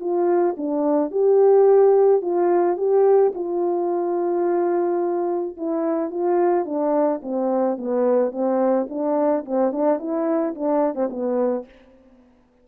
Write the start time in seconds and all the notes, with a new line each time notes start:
0.00 F4
0.57 D4
1.12 G4
2.22 F4
2.78 G4
3.35 F4
5.57 E4
6.11 F4
6.65 D4
7.22 C4
7.78 B3
8.32 C4
8.89 D4
9.45 C4
9.72 D4
9.99 E4
10.55 D4
10.95 C4
11.10 B3